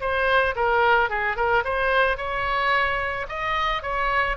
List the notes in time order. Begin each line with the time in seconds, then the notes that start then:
0.00 C5
0.55 A#4
1.09 G#4
1.36 A#4
1.64 C5
2.17 C#5
3.29 D#5
3.82 C#5